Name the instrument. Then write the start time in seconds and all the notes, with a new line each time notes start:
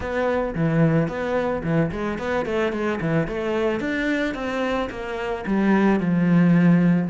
cello
0.00 B3
0.55 E3
1.08 B3
1.63 E3
1.91 G#3
2.18 B3
2.45 A3
2.72 G#3
3.00 E3
3.27 A3
3.79 D4
4.34 C4
4.90 A#3
5.46 G3
6.00 F3